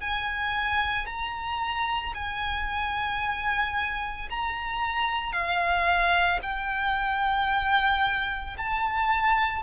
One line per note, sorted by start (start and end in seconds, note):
0.00 1.06 G#5
1.06 2.13 A#5
2.14 4.29 G#5
4.30 5.32 A#5
5.32 6.39 F5
6.42 8.57 G5
8.57 9.63 A5